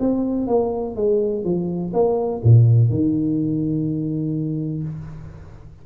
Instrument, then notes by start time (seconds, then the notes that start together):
tuba
0.00 C4
0.48 A#3
0.96 G#3
1.44 F3
1.93 A#3
2.44 A#2
2.90 D#3